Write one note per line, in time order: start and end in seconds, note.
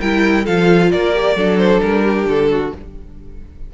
0.00 0.47 G3
0.00 0.46 E4
0.00 0.45 A#4
0.00 0.46 G5
0.45 0.93 F3
0.45 1.13 F4
0.45 0.90 A4
0.45 0.91 F5
0.91 1.36 A#3
0.91 1.37 A#4
0.91 1.58 D5
1.13 1.36 G4
1.36 1.81 F#3
1.36 2.74 D4
1.36 2.04 A4
1.58 1.81 C5
1.81 2.26 G3
1.81 2.27 A#4
2.04 2.50 G4
2.26 2.71 D3
2.26 2.74 A4
2.52 2.74 F#4